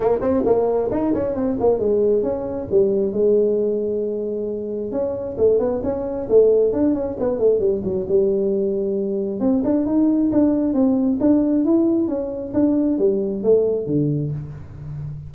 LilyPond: \new Staff \with { instrumentName = "tuba" } { \time 4/4 \tempo 4 = 134 ais8 c'8 ais4 dis'8 cis'8 c'8 ais8 | gis4 cis'4 g4 gis4~ | gis2. cis'4 | a8 b8 cis'4 a4 d'8 cis'8 |
b8 a8 g8 fis8 g2~ | g4 c'8 d'8 dis'4 d'4 | c'4 d'4 e'4 cis'4 | d'4 g4 a4 d4 | }